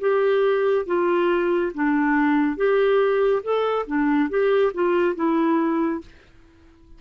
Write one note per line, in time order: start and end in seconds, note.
0.00 0.86 G4
0.86 1.72 F4
1.74 2.56 D4
2.56 3.42 G4
3.43 3.86 A4
3.86 4.29 D4
4.29 4.72 G4
4.74 5.15 F4
5.15 6.01 E4